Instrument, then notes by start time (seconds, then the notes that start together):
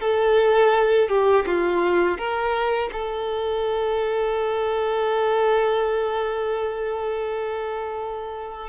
violin
0.00 A4
1.08 G4
1.46 F4
2.18 A#4
2.92 A4